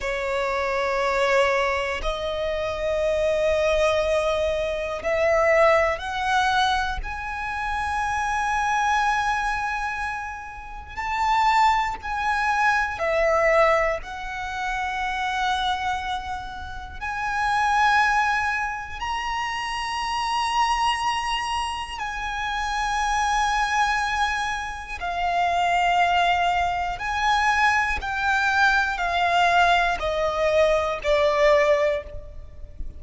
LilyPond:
\new Staff \with { instrumentName = "violin" } { \time 4/4 \tempo 4 = 60 cis''2 dis''2~ | dis''4 e''4 fis''4 gis''4~ | gis''2. a''4 | gis''4 e''4 fis''2~ |
fis''4 gis''2 ais''4~ | ais''2 gis''2~ | gis''4 f''2 gis''4 | g''4 f''4 dis''4 d''4 | }